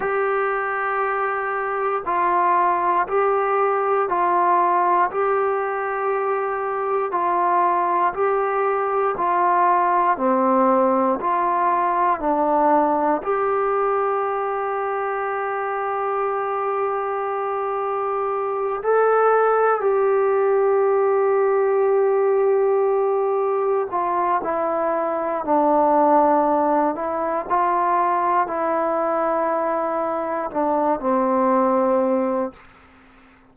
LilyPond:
\new Staff \with { instrumentName = "trombone" } { \time 4/4 \tempo 4 = 59 g'2 f'4 g'4 | f'4 g'2 f'4 | g'4 f'4 c'4 f'4 | d'4 g'2.~ |
g'2~ g'8 a'4 g'8~ | g'2.~ g'8 f'8 | e'4 d'4. e'8 f'4 | e'2 d'8 c'4. | }